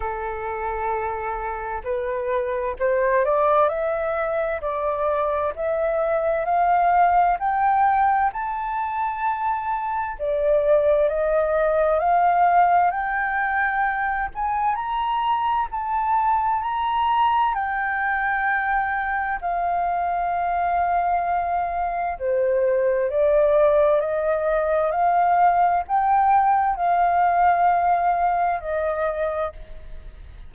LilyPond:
\new Staff \with { instrumentName = "flute" } { \time 4/4 \tempo 4 = 65 a'2 b'4 c''8 d''8 | e''4 d''4 e''4 f''4 | g''4 a''2 d''4 | dis''4 f''4 g''4. gis''8 |
ais''4 a''4 ais''4 g''4~ | g''4 f''2. | c''4 d''4 dis''4 f''4 | g''4 f''2 dis''4 | }